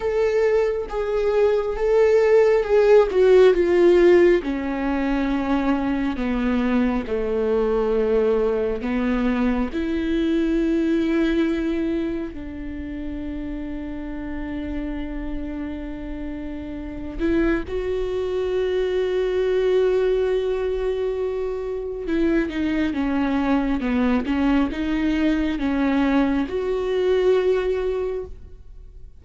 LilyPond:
\new Staff \with { instrumentName = "viola" } { \time 4/4 \tempo 4 = 68 a'4 gis'4 a'4 gis'8 fis'8 | f'4 cis'2 b4 | a2 b4 e'4~ | e'2 d'2~ |
d'2.~ d'8 e'8 | fis'1~ | fis'4 e'8 dis'8 cis'4 b8 cis'8 | dis'4 cis'4 fis'2 | }